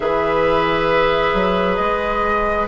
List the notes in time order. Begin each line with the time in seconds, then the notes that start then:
0.00 E3 G#4 B4 E5
1.33 F#3
1.75 G#3 D#5